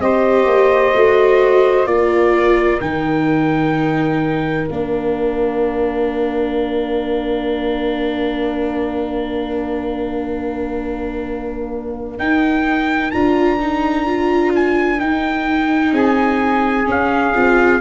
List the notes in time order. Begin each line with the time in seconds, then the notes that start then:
0.00 C4 G4 C5 D#5
0.46 A#3
0.94 A3 F#4
1.86 A#3 F4 A#4 D5
2.81 D#3 D#4 G5
4.69 A#3 D4 F5
12.19 D#4 G5
13.11 D4 F4 A#5
13.60 D#4
14.06 F4
14.55 G#5
14.99 D#4 G5
15.92 C4 G#4 G#5
16.85 C#4
16.91 F5
17.35 C4 F4